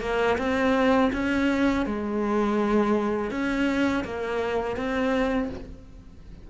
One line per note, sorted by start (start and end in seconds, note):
0.00 0.37 A#3
0.38 1.11 C4
1.12 1.86 C#4
1.86 3.30 G#3
3.30 4.03 C#4
4.04 4.76 A#3
4.76 5.49 C4